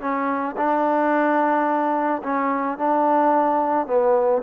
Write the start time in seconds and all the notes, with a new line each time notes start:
0.00 C#4
0.57 D4
2.22 C#4
2.78 D4
3.87 B3